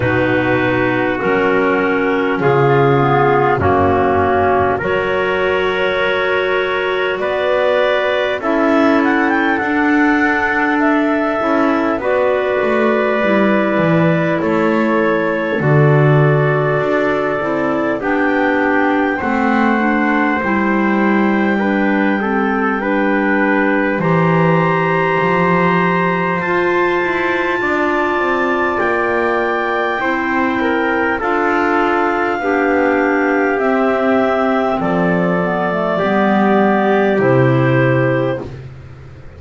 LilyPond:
<<
  \new Staff \with { instrumentName = "clarinet" } { \time 4/4 \tempo 4 = 50 b'4 ais'4 gis'4 fis'4 | cis''2 d''4 e''8 fis''16 g''16 | fis''4 e''4 d''2 | cis''4 d''2 g''4 |
fis''4 g''2. | ais''2 a''2 | g''2 f''2 | e''4 d''2 c''4 | }
  \new Staff \with { instrumentName = "trumpet" } { \time 4/4 fis'2 f'4 cis'4 | ais'2 b'4 a'4~ | a'2 b'2 | a'2. g'4 |
c''2 b'8 a'8 b'4 | c''2. d''4~ | d''4 c''8 ais'8 a'4 g'4~ | g'4 a'4 g'2 | }
  \new Staff \with { instrumentName = "clarinet" } { \time 4/4 dis'4 cis'4. b8 ais4 | fis'2. e'4 | d'4. e'8 fis'4 e'4~ | e'4 fis'4. e'8 d'4 |
c'8 d'8 e'4 d'8 c'8 d'4 | g'2 f'2~ | f'4 e'4 f'4 d'4 | c'4. b16 a16 b4 e'4 | }
  \new Staff \with { instrumentName = "double bass" } { \time 4/4 b,4 fis4 cis4 fis,4 | fis2 b4 cis'4 | d'4. cis'8 b8 a8 g8 e8 | a4 d4 d'8 c'8 b4 |
a4 g2. | e4 f4 f'8 e'8 d'8 c'8 | ais4 c'4 d'4 b4 | c'4 f4 g4 c4 | }
>>